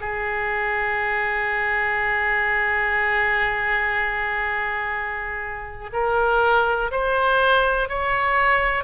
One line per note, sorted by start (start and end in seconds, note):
0.00 5.90 G#4
5.92 6.91 A#4
6.91 7.89 C5
7.89 8.84 C#5